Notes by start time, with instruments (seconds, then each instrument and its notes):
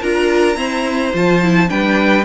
0.00 cello D4, viola F4, violin A#4 A#5
0.54 viola C4, cello E4, violin C5
1.13 cello F3, viola F4, violin A5
1.42 viola E4
1.68 cello G3, viola D4, violin B4 G5